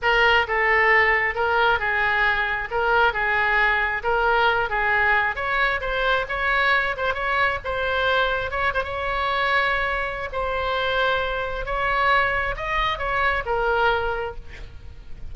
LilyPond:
\new Staff \with { instrumentName = "oboe" } { \time 4/4 \tempo 4 = 134 ais'4 a'2 ais'4 | gis'2 ais'4 gis'4~ | gis'4 ais'4. gis'4. | cis''4 c''4 cis''4. c''8 |
cis''4 c''2 cis''8 c''16 cis''16~ | cis''2. c''4~ | c''2 cis''2 | dis''4 cis''4 ais'2 | }